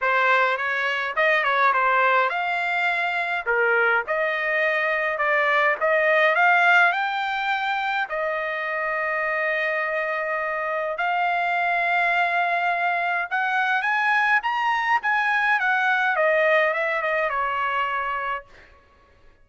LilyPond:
\new Staff \with { instrumentName = "trumpet" } { \time 4/4 \tempo 4 = 104 c''4 cis''4 dis''8 cis''8 c''4 | f''2 ais'4 dis''4~ | dis''4 d''4 dis''4 f''4 | g''2 dis''2~ |
dis''2. f''4~ | f''2. fis''4 | gis''4 ais''4 gis''4 fis''4 | dis''4 e''8 dis''8 cis''2 | }